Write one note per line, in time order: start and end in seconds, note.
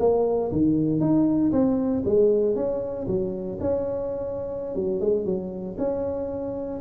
0.00 0.51 A#3
0.52 1.01 D#3
1.01 1.52 D#4
1.52 2.03 C4
2.06 2.56 G#3
2.56 3.07 C#4
3.07 3.59 F#3
3.61 4.75 C#4
4.75 5.01 F#3
5.01 5.26 G#3
5.26 5.77 F#3
5.78 6.81 C#4